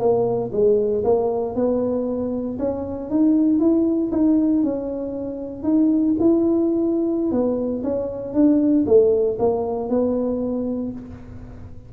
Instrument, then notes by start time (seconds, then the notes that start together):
tuba
0.00 A#3
0.53 G#3
1.04 A#3
1.56 B3
2.59 C#4
3.10 D#4
3.60 E4
4.12 D#4
4.64 C#4
5.64 D#4
6.20 E4
7.32 B3
7.84 C#4
8.34 D4
8.87 A3
9.39 A#3
9.90 B3